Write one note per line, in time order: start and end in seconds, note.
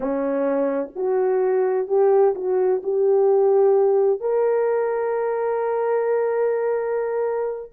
0.00 0.89 C#4
0.95 1.87 F#4
1.87 2.34 G4
2.35 2.81 F#4
2.83 4.20 G4
4.20 7.72 A#4